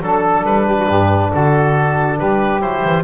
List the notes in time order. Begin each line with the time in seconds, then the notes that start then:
0.00 F#3 D4 A4
0.44 G3 B4
0.66 G4
0.78 F#4
0.86 G2 G4
1.31 D3 F#4 A4
2.18 G3 G4 B4
2.61 F#3 E4 C5
2.84 E3